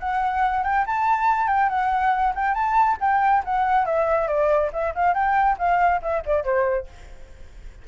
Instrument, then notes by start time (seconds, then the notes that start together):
flute
0.00 F#5
0.64 G5
0.87 A5
1.48 G5
1.70 F#5
2.36 G5
2.55 A5
3.01 G5
3.45 F#5
3.86 E5
4.28 D5
4.73 E5
4.95 F5
5.15 G5
5.59 F5
6.02 E5
6.26 D5
6.44 C5